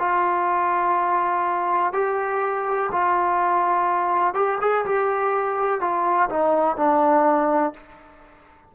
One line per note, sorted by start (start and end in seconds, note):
0.00 1.94 F4
1.94 2.90 G4
2.93 4.35 F4
4.35 4.59 G4
4.61 4.86 G#4
4.86 5.81 G4
5.81 6.29 F4
6.30 6.77 D#4
6.77 7.74 D4